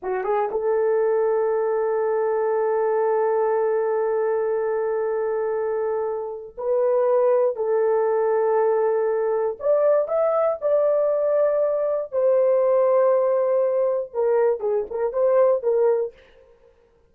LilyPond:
\new Staff \with { instrumentName = "horn" } { \time 4/4 \tempo 4 = 119 fis'8 gis'8 a'2.~ | a'1~ | a'1~ | a'4 b'2 a'4~ |
a'2. d''4 | e''4 d''2. | c''1 | ais'4 gis'8 ais'8 c''4 ais'4 | }